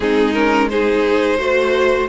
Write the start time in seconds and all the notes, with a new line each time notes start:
0.00 G#3 C4 D#4 G#4
0.33 C#4 A#4
0.69 D#4 G#4 C5
1.38 A3 F#4 C5